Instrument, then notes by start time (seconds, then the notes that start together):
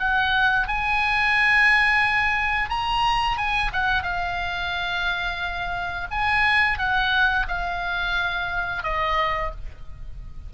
oboe
0.00 F#5
0.68 G#5
2.70 A#5
3.37 G#5
3.73 F#5
4.04 F5
6.11 G#5
6.79 F#5
7.48 F5
8.84 D#5